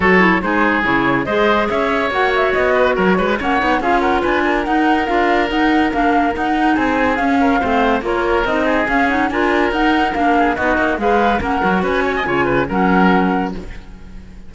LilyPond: <<
  \new Staff \with { instrumentName = "flute" } { \time 4/4 \tempo 4 = 142 cis''4 c''4 cis''4 dis''4 | e''4 fis''8 e''8 dis''4 cis''4 | fis''4 f''8 fis''8 gis''4 fis''4 | f''4 fis''4 f''4 fis''4 |
gis''4 f''2 cis''4 | dis''4 f''8 fis''8 gis''4 fis''4 | f''4 dis''4 f''4 fis''4 | gis''2 fis''2 | }
  \new Staff \with { instrumentName = "oboe" } { \time 4/4 a'4 gis'2 c''4 | cis''2~ cis''8 b'8 ais'8 b'8 | cis''4 gis'8 ais'8 b'8 ais'4.~ | ais'1 |
gis'4. ais'8 c''4 ais'4~ | ais'8 gis'4. ais'2~ | ais'8 gis'8 fis'4 b'4 ais'4 | b'8 cis''16 dis''16 cis''8 b'8 ais'2 | }
  \new Staff \with { instrumentName = "clarinet" } { \time 4/4 fis'8 e'8 dis'4 e'4 gis'4~ | gis'4 fis'2. | cis'8 dis'8 f'2 dis'4 | f'4 dis'4 d'4 dis'4~ |
dis'4 cis'4 c'4 f'4 | dis'4 cis'8 dis'8 f'4 dis'4 | d'4 dis'4 gis'4 cis'8 fis'8~ | fis'4 f'4 cis'2 | }
  \new Staff \with { instrumentName = "cello" } { \time 4/4 fis4 gis4 cis4 gis4 | cis'4 ais4 b4 fis8 gis8 | ais8 b8 cis'4 d'4 dis'4 | d'4 dis'4 ais4 dis'4 |
c'4 cis'4 a4 ais4 | c'4 cis'4 d'4 dis'4 | ais4 b8 ais8 gis4 ais8 fis8 | cis'4 cis4 fis2 | }
>>